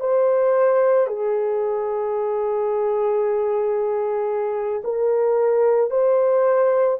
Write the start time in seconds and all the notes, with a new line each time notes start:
0.00 C5
1.07 G#4
4.84 A#4
5.90 C5